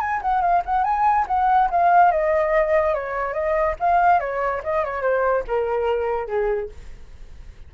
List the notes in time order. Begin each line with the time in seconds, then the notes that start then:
0.00 G#5
0.22 F#5
0.41 F5
0.65 F#5
0.84 G#5
1.27 F#5
1.70 F5
2.11 D#5
2.94 C#5
3.33 D#5
3.80 F5
4.20 C#5
4.63 D#5
4.84 C#5
5.02 C5
5.47 A#4
6.27 G#4